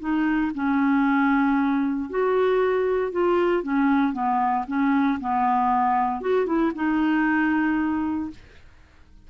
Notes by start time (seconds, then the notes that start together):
0.00 D#4
0.55 C#4
2.10 F#4
3.12 F4
3.63 C#4
4.13 B3
4.68 C#4
5.21 B3
6.21 F#4
6.46 E4
6.75 D#4